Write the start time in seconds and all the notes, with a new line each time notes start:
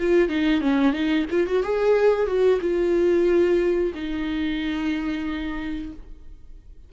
0.00 F4
0.29 D#4
0.61 C#4
0.93 D#4
1.31 F4
1.47 F#4
1.63 G#4
2.27 F#4
2.61 F4
3.94 D#4